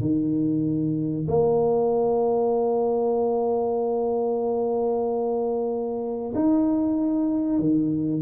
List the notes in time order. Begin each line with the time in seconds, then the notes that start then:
0.00 D#3
1.28 A#3
6.34 D#4
7.59 D#3